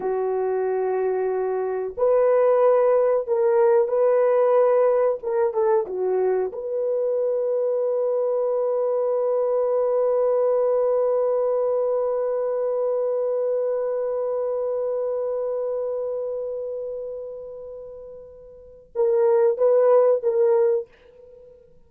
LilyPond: \new Staff \with { instrumentName = "horn" } { \time 4/4 \tempo 4 = 92 fis'2. b'4~ | b'4 ais'4 b'2 | ais'8 a'8 fis'4 b'2~ | b'1~ |
b'1~ | b'1~ | b'1~ | b'4 ais'4 b'4 ais'4 | }